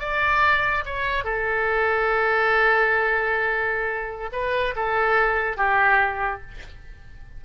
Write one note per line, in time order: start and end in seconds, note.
0.00 0.85 D5
0.86 1.24 C#5
1.24 4.31 A4
4.33 4.75 B4
4.76 5.57 A4
5.57 6.42 G4